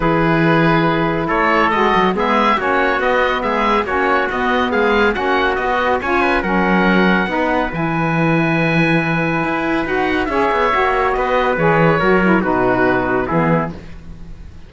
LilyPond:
<<
  \new Staff \with { instrumentName = "oboe" } { \time 4/4 \tempo 4 = 140 b'2. cis''4 | dis''4 e''4 cis''4 dis''4 | e''4 cis''4 dis''4 f''4 | fis''4 dis''4 gis''4 fis''4~ |
fis''2 gis''2~ | gis''2. fis''4 | e''2 dis''4 cis''4~ | cis''4 b'2 gis'4 | }
  \new Staff \with { instrumentName = "trumpet" } { \time 4/4 gis'2. a'4~ | a'4 gis'4 fis'2 | gis'4 fis'2 gis'4 | fis'2 cis''8 b'8 ais'4~ |
ais'4 b'2.~ | b'1 | cis''2 b'2 | ais'4 fis'2 e'4 | }
  \new Staff \with { instrumentName = "saxophone" } { \time 4/4 e'1 | fis'4 b4 cis'4 b4~ | b4 cis'4 b2 | cis'4 fis'4 f'4 cis'4~ |
cis'4 dis'4 e'2~ | e'2. fis'4 | gis'4 fis'2 gis'4 | fis'8 e'8 dis'2 b4 | }
  \new Staff \with { instrumentName = "cello" } { \time 4/4 e2. a4 | gis8 fis8 gis4 ais4 b4 | gis4 ais4 b4 gis4 | ais4 b4 cis'4 fis4~ |
fis4 b4 e2~ | e2 e'4 dis'4 | cis'8 b8 ais4 b4 e4 | fis4 b,2 e4 | }
>>